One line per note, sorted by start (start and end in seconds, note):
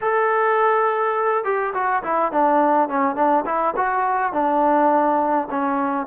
0.01 1.44 A4
1.44 1.73 G4
1.73 2.02 F#4
2.03 2.32 E4
2.32 2.88 D4
2.88 3.15 C#4
3.15 3.44 D4
3.45 3.74 E4
3.76 4.32 F#4
4.32 5.48 D4
5.50 6.07 C#4